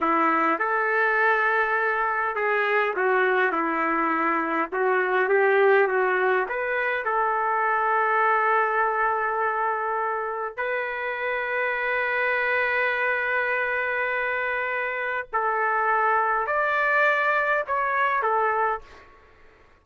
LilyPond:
\new Staff \with { instrumentName = "trumpet" } { \time 4/4 \tempo 4 = 102 e'4 a'2. | gis'4 fis'4 e'2 | fis'4 g'4 fis'4 b'4 | a'1~ |
a'2 b'2~ | b'1~ | b'2 a'2 | d''2 cis''4 a'4 | }